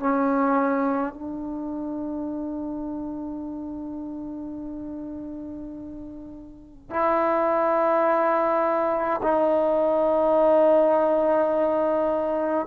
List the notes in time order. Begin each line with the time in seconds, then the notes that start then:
0.00 C#4
1.14 D4
6.91 E4
9.23 D#4